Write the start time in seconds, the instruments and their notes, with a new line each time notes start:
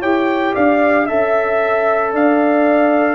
0.00 tuba E4, trombone G4, horn C#5, trumpet G5
0.55 tuba D4, horn D5, trumpet F5
1.05 tuba C#4, trombone A4, horn E5, trumpet E5
2.12 tuba D4, horn D5, trumpet F5